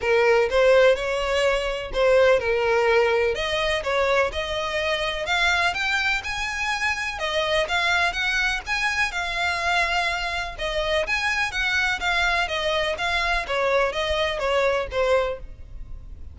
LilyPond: \new Staff \with { instrumentName = "violin" } { \time 4/4 \tempo 4 = 125 ais'4 c''4 cis''2 | c''4 ais'2 dis''4 | cis''4 dis''2 f''4 | g''4 gis''2 dis''4 |
f''4 fis''4 gis''4 f''4~ | f''2 dis''4 gis''4 | fis''4 f''4 dis''4 f''4 | cis''4 dis''4 cis''4 c''4 | }